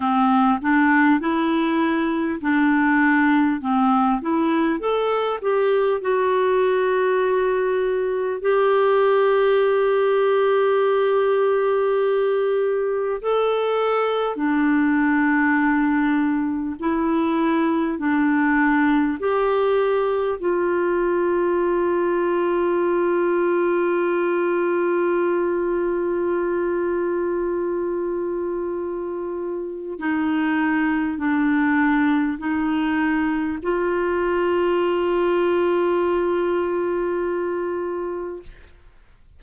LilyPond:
\new Staff \with { instrumentName = "clarinet" } { \time 4/4 \tempo 4 = 50 c'8 d'8 e'4 d'4 c'8 e'8 | a'8 g'8 fis'2 g'4~ | g'2. a'4 | d'2 e'4 d'4 |
g'4 f'2.~ | f'1~ | f'4 dis'4 d'4 dis'4 | f'1 | }